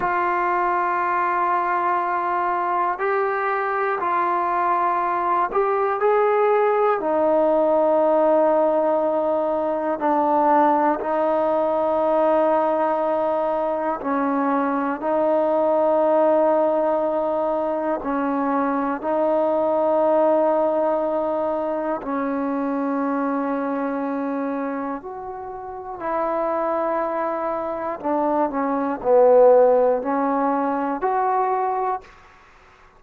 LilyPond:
\new Staff \with { instrumentName = "trombone" } { \time 4/4 \tempo 4 = 60 f'2. g'4 | f'4. g'8 gis'4 dis'4~ | dis'2 d'4 dis'4~ | dis'2 cis'4 dis'4~ |
dis'2 cis'4 dis'4~ | dis'2 cis'2~ | cis'4 fis'4 e'2 | d'8 cis'8 b4 cis'4 fis'4 | }